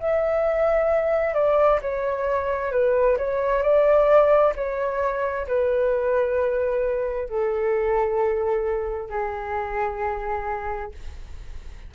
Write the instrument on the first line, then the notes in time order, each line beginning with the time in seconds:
flute
0.00 E5
1.34 D5
1.82 C#5
2.72 B4
3.18 C#5
3.62 D5
4.56 C#5
5.48 B4
7.29 A4
9.10 G#4